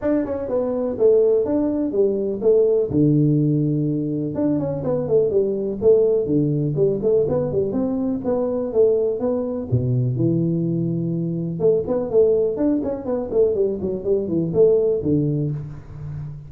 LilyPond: \new Staff \with { instrumentName = "tuba" } { \time 4/4 \tempo 4 = 124 d'8 cis'8 b4 a4 d'4 | g4 a4 d2~ | d4 d'8 cis'8 b8 a8 g4 | a4 d4 g8 a8 b8 g8 |
c'4 b4 a4 b4 | b,4 e2. | a8 b8 a4 d'8 cis'8 b8 a8 | g8 fis8 g8 e8 a4 d4 | }